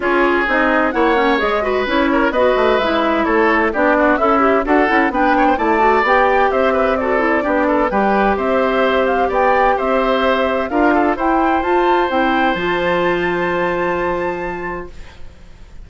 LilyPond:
<<
  \new Staff \with { instrumentName = "flute" } { \time 4/4 \tempo 4 = 129 cis''4 dis''4 fis''4 dis''4 | cis''4 dis''4 e''4 cis''4 | d''4 e''4 fis''4 g''4 | a''4 g''4 e''4 d''4~ |
d''4 g''4 e''4. f''8 | g''4 e''2 f''4 | g''4 a''4 g''4 a''4~ | a''1 | }
  \new Staff \with { instrumentName = "oboe" } { \time 4/4 gis'2 cis''4. b'8~ | b'8 ais'8 b'2 a'4 | g'8 fis'8 e'4 a'4 b'8 cis''16 c''16 | d''2 c''8 b'8 a'4 |
g'8 a'8 b'4 c''2 | d''4 c''2 ais'8 a'8 | c''1~ | c''1 | }
  \new Staff \with { instrumentName = "clarinet" } { \time 4/4 f'4 dis'4 e'8 cis'8 gis'8 fis'8 | e'4 fis'4 e'2 | d'4 a'8 g'8 fis'8 e'8 d'4 | e'8 fis'8 g'2 fis'8 e'8 |
d'4 g'2.~ | g'2. f'4 | e'4 f'4 e'4 f'4~ | f'1 | }
  \new Staff \with { instrumentName = "bassoon" } { \time 4/4 cis'4 c'4 ais4 gis4 | cis'4 b8 a8 gis4 a4 | b4 cis'4 d'8 cis'8 b4 | a4 b4 c'2 |
b4 g4 c'2 | b4 c'2 d'4 | e'4 f'4 c'4 f4~ | f1 | }
>>